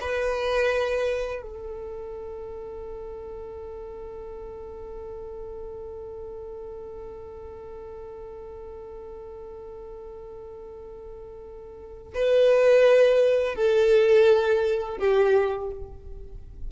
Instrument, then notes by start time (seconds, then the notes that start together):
violin
0.00 B4
1.42 A4
12.14 B4
13.55 A4
14.98 G4